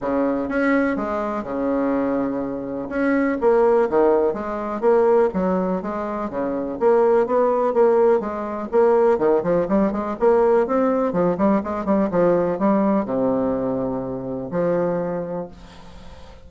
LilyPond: \new Staff \with { instrumentName = "bassoon" } { \time 4/4 \tempo 4 = 124 cis4 cis'4 gis4 cis4~ | cis2 cis'4 ais4 | dis4 gis4 ais4 fis4 | gis4 cis4 ais4 b4 |
ais4 gis4 ais4 dis8 f8 | g8 gis8 ais4 c'4 f8 g8 | gis8 g8 f4 g4 c4~ | c2 f2 | }